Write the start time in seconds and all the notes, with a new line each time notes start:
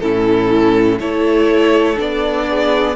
0.00 A2 C#4 E4 A4
0.99 A3 E4 A4 C#5
1.96 B3 D4 D5
2.49 G#4